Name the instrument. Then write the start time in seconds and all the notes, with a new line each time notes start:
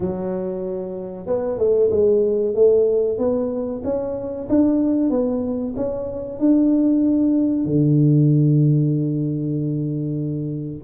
tuba
0.00 F#3
1.26 B3
1.58 A3
1.90 G#3
2.54 A3
3.18 B3
3.84 C#4
4.49 D4
5.10 B3
5.76 C#4
6.39 D4
7.65 D3